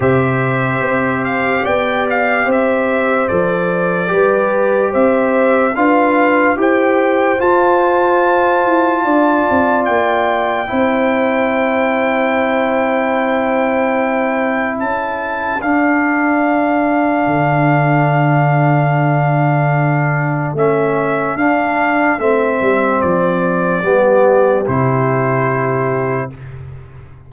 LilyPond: <<
  \new Staff \with { instrumentName = "trumpet" } { \time 4/4 \tempo 4 = 73 e''4. f''8 g''8 f''8 e''4 | d''2 e''4 f''4 | g''4 a''2. | g''1~ |
g''2 a''4 f''4~ | f''1~ | f''4 e''4 f''4 e''4 | d''2 c''2 | }
  \new Staff \with { instrumentName = "horn" } { \time 4/4 c''2 d''4 c''4~ | c''4 b'4 c''4 b'4 | c''2. d''4~ | d''4 c''2.~ |
c''2 a'2~ | a'1~ | a'1~ | a'4 g'2. | }
  \new Staff \with { instrumentName = "trombone" } { \time 4/4 g'1 | a'4 g'2 f'4 | g'4 f'2.~ | f'4 e'2.~ |
e'2. d'4~ | d'1~ | d'4 cis'4 d'4 c'4~ | c'4 b4 e'2 | }
  \new Staff \with { instrumentName = "tuba" } { \time 4/4 c4 c'4 b4 c'4 | f4 g4 c'4 d'4 | e'4 f'4. e'8 d'8 c'8 | ais4 c'2.~ |
c'2 cis'4 d'4~ | d'4 d2.~ | d4 a4 d'4 a8 g8 | f4 g4 c2 | }
>>